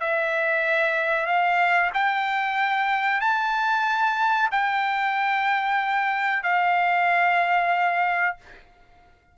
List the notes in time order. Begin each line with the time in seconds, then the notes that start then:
0.00 E5
1.26 F5
1.94 G5
3.21 A5
4.51 G5
6.43 F5